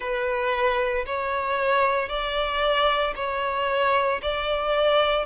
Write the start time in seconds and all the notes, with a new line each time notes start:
0.00 B4
1.06 C#5
2.08 D5
3.15 C#5
4.22 D5